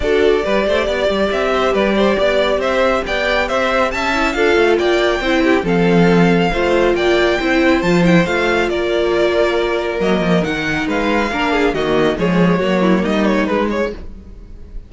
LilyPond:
<<
  \new Staff \with { instrumentName = "violin" } { \time 4/4 \tempo 4 = 138 d''2. e''4 | d''2 e''4 g''4 | e''4 a''4 f''4 g''4~ | g''4 f''2. |
g''2 a''8 g''8 f''4 | d''2. dis''4 | fis''4 f''2 dis''4 | cis''2 dis''8 cis''8 b'8 cis''8 | }
  \new Staff \with { instrumentName = "violin" } { \time 4/4 a'4 b'8 c''8 d''4. c''8 | b'8 c''8 d''4 c''4 d''4 | c''4 e''4 a'4 d''4 | c''8 g'8 a'2 c''4 |
d''4 c''2. | ais'1~ | ais'4 b'4 ais'8 gis'8 fis'4 | gis'4 fis'8 e'8 dis'2 | }
  \new Staff \with { instrumentName = "viola" } { \time 4/4 fis'4 g'2.~ | g'1~ | g'4. e'8 f'2 | e'4 c'2 f'4~ |
f'4 e'4 f'8 e'8 f'4~ | f'2. ais4 | dis'2 d'4 ais4 | gis4 ais2 gis4 | }
  \new Staff \with { instrumentName = "cello" } { \time 4/4 d'4 g8 a8 b8 g8 c'4 | g4 b4 c'4 b4 | c'4 cis'4 d'8 a8 ais4 | c'4 f2 a4 |
ais4 c'4 f4 a4 | ais2. fis8 f8 | dis4 gis4 ais4 dis4 | f4 fis4 g4 gis4 | }
>>